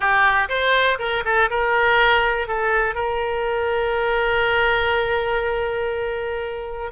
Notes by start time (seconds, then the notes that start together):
0.00 G4
0.48 C5
0.98 A#4
1.24 A4
1.50 A#4
2.47 A4
2.94 A#4